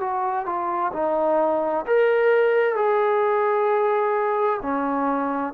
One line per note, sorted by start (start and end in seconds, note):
0.00 0.46 F#4
0.46 0.92 F4
0.93 1.85 D#4
1.86 2.75 A#4
2.75 4.60 G#4
4.62 5.53 C#4